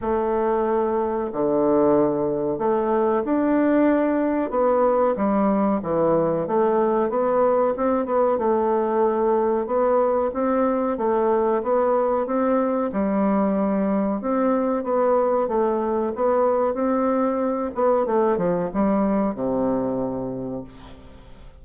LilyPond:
\new Staff \with { instrumentName = "bassoon" } { \time 4/4 \tempo 4 = 93 a2 d2 | a4 d'2 b4 | g4 e4 a4 b4 | c'8 b8 a2 b4 |
c'4 a4 b4 c'4 | g2 c'4 b4 | a4 b4 c'4. b8 | a8 f8 g4 c2 | }